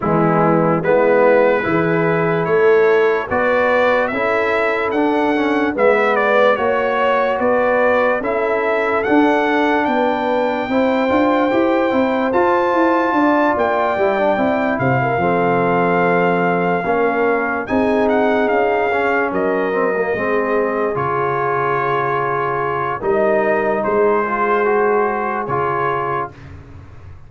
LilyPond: <<
  \new Staff \with { instrumentName = "trumpet" } { \time 4/4 \tempo 4 = 73 e'4 b'2 cis''4 | d''4 e''4 fis''4 e''8 d''8 | cis''4 d''4 e''4 fis''4 | g''2. a''4~ |
a''8 g''4. f''2~ | f''4. gis''8 fis''8 f''4 dis''8~ | dis''4. cis''2~ cis''8 | dis''4 c''2 cis''4 | }
  \new Staff \with { instrumentName = "horn" } { \time 4/4 b4 e'4 gis'4 a'4 | b'4 a'2 b'4 | cis''4 b'4 a'2 | b'4 c''2. |
d''2 c''16 ais'16 a'4.~ | a'8 ais'4 gis'2 ais'8~ | ais'8 gis'2.~ gis'8 | ais'4 gis'2. | }
  \new Staff \with { instrumentName = "trombone" } { \time 4/4 gis4 b4 e'2 | fis'4 e'4 d'8 cis'8 b4 | fis'2 e'4 d'4~ | d'4 e'8 f'8 g'8 e'8 f'4~ |
f'4 e'16 d'16 e'4 c'4.~ | c'8 cis'4 dis'4. cis'4 | c'16 ais16 c'4 f'2~ f'8 | dis'4. f'8 fis'4 f'4 | }
  \new Staff \with { instrumentName = "tuba" } { \time 4/4 e4 gis4 e4 a4 | b4 cis'4 d'4 gis4 | ais4 b4 cis'4 d'4 | b4 c'8 d'8 e'8 c'8 f'8 e'8 |
d'8 ais8 g8 c'8 c8 f4.~ | f8 ais4 c'4 cis'4 fis8~ | fis8 gis4 cis2~ cis8 | g4 gis2 cis4 | }
>>